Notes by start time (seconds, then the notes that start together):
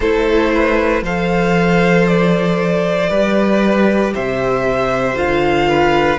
0.00 A3 E4 A4 C5
0.54 B4
1.02 F3 A4 C5 F5
2.07 D5
3.09 G3 G4 B4
4.14 C3 C5 E5
5.15 D3 F4 F5
5.68 B4